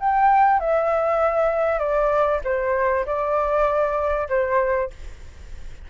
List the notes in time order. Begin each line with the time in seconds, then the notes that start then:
0.00 G5
0.60 E5
1.79 D5
2.44 C5
3.06 D5
4.29 C5